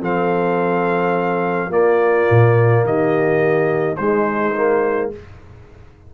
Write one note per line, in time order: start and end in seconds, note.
0.00 1.69 F3
0.00 1.70 C4
0.00 1.69 A4
0.00 1.72 F5
1.69 2.26 A#3
1.69 3.96 A#3
1.69 2.82 F4
1.69 2.85 D5
2.30 2.83 A#2
2.83 3.97 D#3
2.83 3.97 G4
2.83 3.96 D#5
3.96 4.54 G#3
3.96 5.14 G#3
3.96 5.11 D#4
3.96 5.09 C5
4.55 5.12 A#3